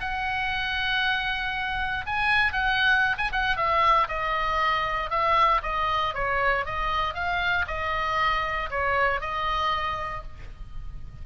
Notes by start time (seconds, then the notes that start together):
0.00 F#5
2.06 G#5
2.52 F#5
3.17 G#5
3.32 F#5
3.56 E5
4.08 D#5
5.10 E5
5.62 D#5
6.14 C#5
6.65 D#5
7.14 F5
7.67 D#5
8.70 C#5
9.20 D#5